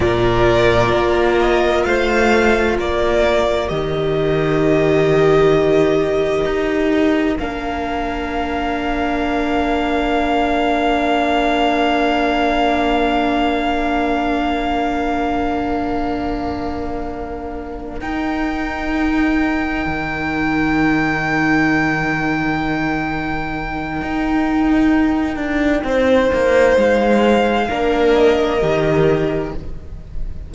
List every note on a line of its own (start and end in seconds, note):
0.00 0.92 A#2
0.00 3.67 F4
0.00 1.86 A#4
0.00 1.38 D5
0.92 1.85 A#3
1.40 1.84 D#5
1.84 2.78 A3
1.84 2.77 C5
1.84 2.76 F5
2.77 3.70 A#3
2.77 25.84 A#4
2.77 3.68 D5
3.67 6.45 D#3
3.67 7.37 G4
3.67 7.38 D#5
6.45 7.37 D#4
7.38 18.01 A#3
7.38 18.01 D4
7.38 17.99 F5
18.00 19.85 D#4
18.00 27.68 D#4
18.00 26.77 G5
19.86 24.01 D#3
24.01 25.36 D#4
25.36 25.82 D4
25.83 26.30 C4
25.83 27.68 C5
26.33 26.76 A#3
26.76 27.68 G#3
26.76 28.14 F5
27.68 28.62 A#3
27.68 28.60 D4
27.68 29.52 A#4
28.14 29.53 D#5
28.61 29.54 D#3
28.61 29.53 G4